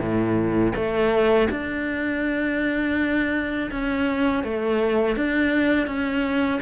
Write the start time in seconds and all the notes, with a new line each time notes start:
0.00 A2
0.75 A3
1.50 D4
3.71 C#4
4.44 A3
5.17 D4
5.87 C#4